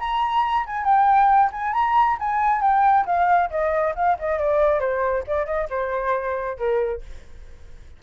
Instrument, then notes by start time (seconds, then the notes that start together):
flute
0.00 A#5
0.67 G#5
0.85 G5
1.52 G#5
1.74 A#5
2.20 G#5
2.62 G5
3.06 F5
3.51 D#5
3.96 F5
4.19 D#5
4.39 D5
4.80 C5
5.27 D5
5.46 D#5
5.70 C5
6.58 A#4